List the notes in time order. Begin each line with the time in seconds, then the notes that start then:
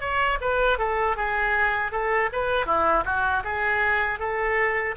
0.00 C#5
0.40 B4
0.78 A4
1.16 G#4
1.91 A4
2.32 B4
2.65 E4
3.05 F#4
3.44 G#4
4.19 A4